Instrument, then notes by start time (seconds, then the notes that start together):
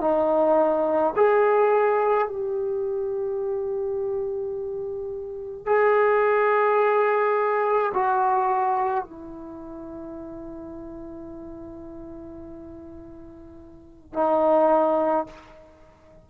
trombone
0.00 D#4
1.16 G#4
2.27 G4
5.66 G#4
7.94 F#4
9.04 E4
14.13 D#4